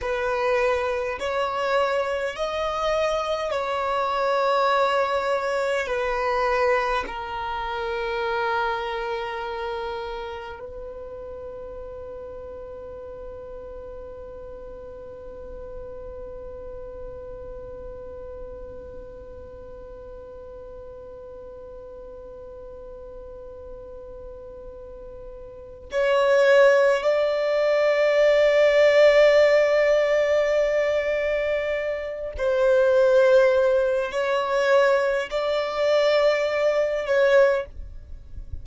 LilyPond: \new Staff \with { instrumentName = "violin" } { \time 4/4 \tempo 4 = 51 b'4 cis''4 dis''4 cis''4~ | cis''4 b'4 ais'2~ | ais'4 b'2.~ | b'1~ |
b'1~ | b'2 cis''4 d''4~ | d''2.~ d''8 c''8~ | c''4 cis''4 d''4. cis''8 | }